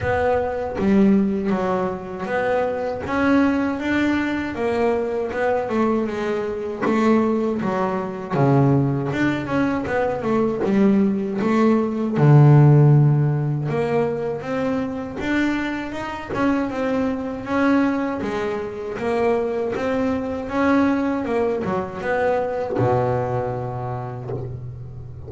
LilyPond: \new Staff \with { instrumentName = "double bass" } { \time 4/4 \tempo 4 = 79 b4 g4 fis4 b4 | cis'4 d'4 ais4 b8 a8 | gis4 a4 fis4 cis4 | d'8 cis'8 b8 a8 g4 a4 |
d2 ais4 c'4 | d'4 dis'8 cis'8 c'4 cis'4 | gis4 ais4 c'4 cis'4 | ais8 fis8 b4 b,2 | }